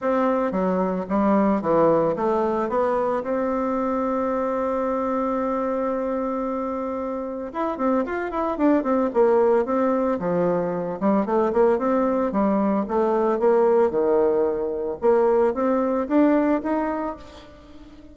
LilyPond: \new Staff \with { instrumentName = "bassoon" } { \time 4/4 \tempo 4 = 112 c'4 fis4 g4 e4 | a4 b4 c'2~ | c'1~ | c'2 e'8 c'8 f'8 e'8 |
d'8 c'8 ais4 c'4 f4~ | f8 g8 a8 ais8 c'4 g4 | a4 ais4 dis2 | ais4 c'4 d'4 dis'4 | }